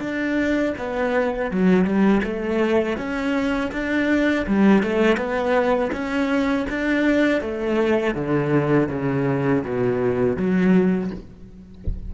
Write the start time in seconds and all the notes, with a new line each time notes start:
0.00 D4
0.78 B3
1.51 F#3
1.85 G3
2.23 A3
2.97 C#4
3.72 D4
4.47 G3
4.83 A3
5.17 B3
5.92 C#4
6.70 D4
7.41 A3
8.14 D3
8.90 C#3
9.64 B2
10.37 F#3